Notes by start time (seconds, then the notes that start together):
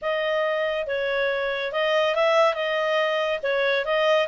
0.01 D#5
0.86 C#5
1.72 D#5
2.15 E5
2.54 D#5
3.42 C#5
3.85 D#5